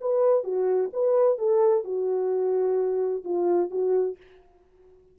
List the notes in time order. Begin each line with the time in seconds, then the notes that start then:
0.00 B4
0.43 F#4
0.93 B4
1.38 A4
1.84 F#4
3.24 F4
3.70 F#4